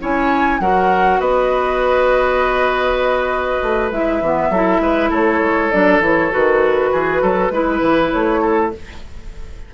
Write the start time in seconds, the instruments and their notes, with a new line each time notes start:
0.00 bassoon C#4, clarinet E4, oboe C#5, flute G#5
0.60 bassoon F#3, clarinet F#4, oboe A#4, flute F#5
1.20 bassoon B3, oboe B4, flute D#5
3.62 bassoon A3
3.91 bassoon G#3, clarinet E4, flute E5
4.21 bassoon E3, clarinet B3
4.50 bassoon F#3, clarinet E4, oboe A4
4.80 bassoon G#3, oboe B4
5.10 bassoon A3, oboe A4, flute C#5
5.40 bassoon G#3
5.71 bassoon F#3, clarinet D4, flute D5
6.00 bassoon E3, clarinet E4, flute C#5
6.31 bassoon D#3, clarinet F#4, flute B4
6.92 bassoon E3, oboe G#4
7.22 bassoon F#3, oboe A4
7.50 bassoon G#3, clarinet E4, oboe B4
7.82 bassoon E3
8.11 bassoon A3, flute C#5
8.41 oboe A4